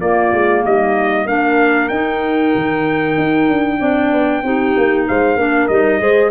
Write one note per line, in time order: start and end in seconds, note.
0.00 0.32 A#3
0.00 1.27 A#3
0.00 0.64 F4
0.00 0.63 D5
0.32 0.64 G#3
0.65 1.26 G3
0.65 1.28 D#4
0.65 1.27 D#5
1.26 1.89 A#3
1.26 1.90 D4
1.26 3.79 A#4
1.26 1.88 F5
1.88 2.53 D#4
1.88 3.79 D#4
1.88 5.04 G5
2.55 3.17 D#3
3.17 3.49 D#4
3.49 3.80 D4
3.79 4.11 C4
3.79 4.42 D4
3.79 4.42 D5
4.11 4.42 B3
4.42 4.74 C4
4.42 5.37 D#4
4.42 5.08 G4
4.77 5.09 A#3
5.07 5.35 G#3
5.07 5.39 C5
5.07 5.67 F5
5.35 5.67 A#3
5.35 5.69 D4
5.35 6.00 A#4
5.67 6.00 G3
5.67 5.99 D#4
5.67 6.30 D#5
5.99 6.30 G#3
5.99 6.30 G#4
5.99 6.30 C5